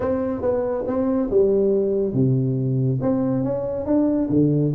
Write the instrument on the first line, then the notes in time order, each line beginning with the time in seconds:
tuba
0.00 C4
0.41 B3
0.86 C4
1.30 G3
2.13 C3
3.01 C4
3.44 C#4
3.86 D4
4.29 D3